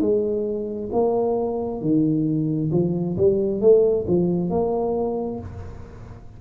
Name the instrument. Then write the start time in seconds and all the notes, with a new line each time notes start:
tuba
0.00 G#3
0.92 A#3
1.81 D#3
2.72 F3
3.17 G3
3.61 A3
4.07 F3
4.50 A#3